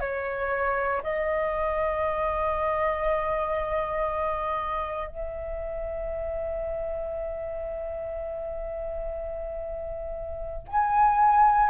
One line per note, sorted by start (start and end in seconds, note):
0.00 1.02 C#5
1.03 5.08 D#5
5.08 10.67 E5
10.68 11.69 G#5